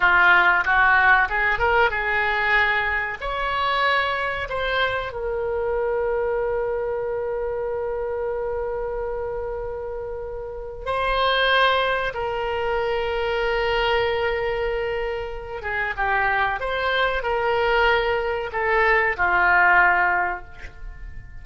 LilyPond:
\new Staff \with { instrumentName = "oboe" } { \time 4/4 \tempo 4 = 94 f'4 fis'4 gis'8 ais'8 gis'4~ | gis'4 cis''2 c''4 | ais'1~ | ais'1~ |
ais'4 c''2 ais'4~ | ais'1~ | ais'8 gis'8 g'4 c''4 ais'4~ | ais'4 a'4 f'2 | }